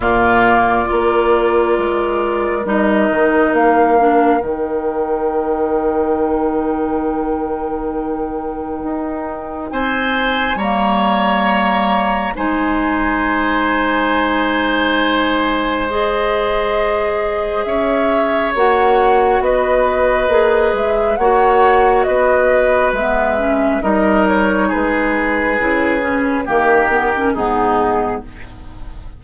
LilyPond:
<<
  \new Staff \with { instrumentName = "flute" } { \time 4/4 \tempo 4 = 68 d''2. dis''4 | f''4 g''2.~ | g''2. gis''4 | ais''2 gis''2~ |
gis''2 dis''2 | e''4 fis''4 dis''4. e''8 | fis''4 dis''4 e''4 dis''8 cis''8 | b'2 ais'4 gis'4 | }
  \new Staff \with { instrumentName = "oboe" } { \time 4/4 f'4 ais'2.~ | ais'1~ | ais'2. c''4 | cis''2 c''2~ |
c''1 | cis''2 b'2 | cis''4 b'2 ais'4 | gis'2 g'4 dis'4 | }
  \new Staff \with { instrumentName = "clarinet" } { \time 4/4 ais4 f'2 dis'4~ | dis'8 d'8 dis'2.~ | dis'1 | ais2 dis'2~ |
dis'2 gis'2~ | gis'4 fis'2 gis'4 | fis'2 b8 cis'8 dis'4~ | dis'4 e'8 cis'8 ais8 b16 cis'16 b4 | }
  \new Staff \with { instrumentName = "bassoon" } { \time 4/4 ais,4 ais4 gis4 g8 dis8 | ais4 dis2.~ | dis2 dis'4 c'4 | g2 gis2~ |
gis1 | cis'4 ais4 b4 ais8 gis8 | ais4 b4 gis4 g4 | gis4 cis4 dis4 gis,4 | }
>>